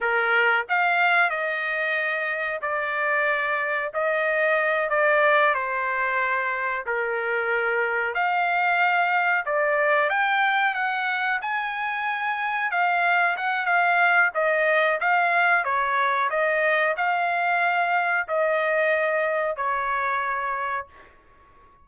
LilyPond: \new Staff \with { instrumentName = "trumpet" } { \time 4/4 \tempo 4 = 92 ais'4 f''4 dis''2 | d''2 dis''4. d''8~ | d''8 c''2 ais'4.~ | ais'8 f''2 d''4 g''8~ |
g''8 fis''4 gis''2 f''8~ | f''8 fis''8 f''4 dis''4 f''4 | cis''4 dis''4 f''2 | dis''2 cis''2 | }